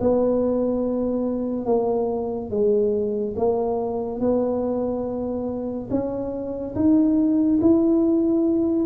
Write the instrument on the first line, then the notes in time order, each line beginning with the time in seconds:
tuba
0.00 B3
1.65 A#3
2.50 G#3
3.36 A#3
4.20 B3
5.90 C#4
6.75 D#4
7.61 E4